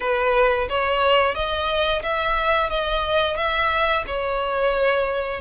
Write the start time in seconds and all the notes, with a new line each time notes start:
0.00 B4
0.69 C#5
1.35 D#5
2.02 E5
2.69 D#5
3.36 E5
4.06 C#5